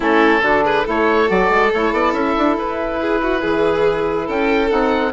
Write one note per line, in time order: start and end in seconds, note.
0.00 0.40 A3
0.00 0.42 C#4
0.00 0.41 E4
0.00 0.64 A4
0.41 0.84 D3
0.41 0.85 D4
0.41 0.64 F#4
0.64 0.85 G#4
0.64 0.86 B4
0.85 1.30 A3
0.85 1.26 E4
0.85 3.00 A4
0.85 1.29 C#5
1.26 1.49 F#3
1.26 1.69 F#4
1.26 1.72 D5
1.49 1.71 G#3
1.72 1.92 A3
1.72 4.68 E4
1.72 1.93 C#5
1.92 2.12 B3
1.92 2.13 D5
2.12 2.34 C#4
2.12 2.56 E5
2.38 2.56 D4
2.56 3.42 E4
2.56 4.29 B4
3.00 3.21 G#4
3.22 3.41 F#4
3.41 4.27 E3
3.41 4.26 G#4
4.26 4.70 C#4
4.26 5.12 A4
4.26 4.70 G5
4.68 5.13 C4
4.68 5.11 D#4
4.68 5.12 F#5